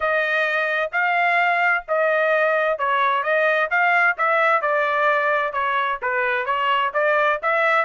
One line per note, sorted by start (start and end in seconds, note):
0.00 0.90 D#5
0.91 1.84 F5
1.88 2.78 D#5
2.78 3.23 C#5
3.23 3.69 D#5
3.70 4.16 F5
4.17 4.61 E5
4.61 5.53 D5
5.53 5.99 C#5
6.01 6.45 B4
6.45 6.91 C#5
6.93 7.40 D5
7.42 7.85 E5